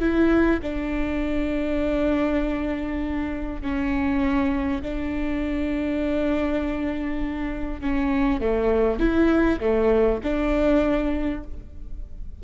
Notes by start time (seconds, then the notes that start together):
0.00 E4
0.62 D4
3.62 C#4
4.82 D4
7.81 C#4
8.41 A3
9.00 E4
9.61 A3
10.24 D4